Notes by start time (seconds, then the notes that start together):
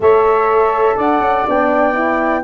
0.00 A3 A4 C#5 E5
0.96 D4 D5 F#5
1.19 C#4
1.47 B3 D4 G5
1.93 E4